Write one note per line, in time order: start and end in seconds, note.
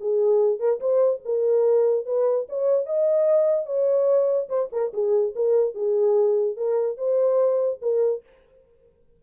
0.00 0.59 G#4
0.59 0.80 A#4
0.80 1.21 C5
1.25 2.06 A#4
2.06 2.47 B4
2.49 2.86 C#5
2.86 3.66 D#5
3.66 4.48 C#5
4.49 4.69 C5
4.72 4.92 A#4
4.93 5.34 G#4
5.35 5.74 A#4
5.74 6.56 G#4
6.56 6.97 A#4
6.97 7.79 C5
7.82 8.23 A#4